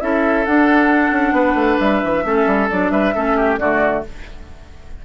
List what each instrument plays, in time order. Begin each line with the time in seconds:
0.00 bassoon C#4, clarinet E4, oboe A4, flute E5
0.45 bassoon D4, clarinet D4, flute F#5
1.11 bassoon C#4
1.32 bassoon B3, oboe B4
1.54 bassoon A3
1.79 bassoon G3, flute E5
2.04 bassoon E3
2.24 bassoon A3, clarinet C#4, oboe A4
2.46 bassoon G3
2.70 bassoon F#3, clarinet D4, flute D5
2.90 bassoon G3, oboe B4, flute E5
3.14 bassoon A3, clarinet C#4, oboe A4
3.36 oboe G4
3.58 bassoon D3, clarinet A3, oboe F#4, flute D5